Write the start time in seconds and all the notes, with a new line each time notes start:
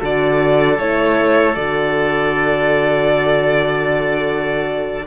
0.00 D3 F#4 A4 D5
0.79 A3 E4 C#5
1.55 D3 F#4 D5